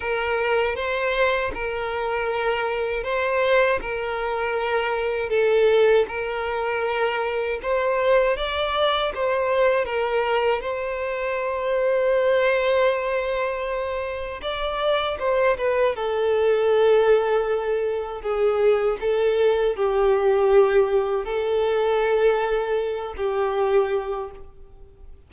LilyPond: \new Staff \with { instrumentName = "violin" } { \time 4/4 \tempo 4 = 79 ais'4 c''4 ais'2 | c''4 ais'2 a'4 | ais'2 c''4 d''4 | c''4 ais'4 c''2~ |
c''2. d''4 | c''8 b'8 a'2. | gis'4 a'4 g'2 | a'2~ a'8 g'4. | }